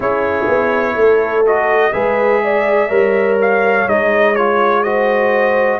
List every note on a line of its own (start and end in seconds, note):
0.00 0.45 C#4
0.00 1.45 E4
0.00 0.94 G#4
0.00 1.46 C#5
0.47 0.95 B3
0.95 1.92 A3
0.95 1.92 A4
1.46 1.92 F#4
1.46 1.92 D#5
1.92 2.90 G#3
1.92 2.89 G#4
1.92 2.41 B4
1.92 3.37 E5
2.43 2.89 D5
2.89 3.86 G3
2.89 3.86 A#4
2.89 4.82 C#5
3.41 3.88 F5
3.86 5.80 G#3
3.86 4.35 D#4
3.86 4.35 D#5
4.35 4.84 F4
4.35 4.83 C#5
4.83 5.80 F#4
4.83 5.80 C5
4.83 5.79 D#5